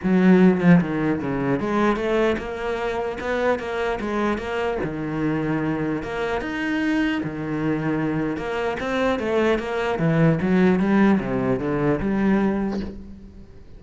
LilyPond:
\new Staff \with { instrumentName = "cello" } { \time 4/4 \tempo 4 = 150 fis4. f8 dis4 cis4 | gis4 a4 ais2 | b4 ais4 gis4 ais4 | dis2. ais4 |
dis'2 dis2~ | dis4 ais4 c'4 a4 | ais4 e4 fis4 g4 | c4 d4 g2 | }